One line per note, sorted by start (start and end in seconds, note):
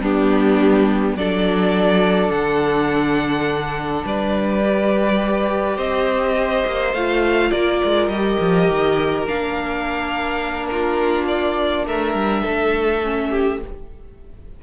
0.00 1.15 G3
0.00 1.18 B3
0.00 1.17 D4
0.00 1.17 G4
1.15 2.30 F#3
1.15 4.64 D4
1.15 4.06 A4
1.15 2.32 D5
2.31 4.04 D3
2.31 4.05 F#5
4.05 5.78 G3
4.05 5.77 B4
4.05 5.79 D5
4.64 6.95 G4
5.77 6.64 C4
5.77 7.50 C5
5.77 6.94 D#5
6.67 6.94 A#3
6.94 7.51 A3
6.94 8.12 F4
6.94 7.51 F5
7.51 7.82 A#3
7.51 10.69 A#4
7.51 8.09 D5
7.85 8.09 G#3
8.09 8.38 G3
8.09 9.27 G4
8.09 9.24 D#5
8.41 8.69 F3
8.69 9.26 D#3
9.26 11.86 A#3
9.26 13.02 D4
9.26 10.67 F5
10.67 11.86 F4
10.67 11.25 A#4
11.28 11.86 D5
11.86 12.14 A3
11.86 12.43 A#4
11.86 13.61 E5
12.14 12.43 G3
12.43 13.63 A3
12.43 13.29 A4
13.04 13.61 C#4
13.31 13.59 G4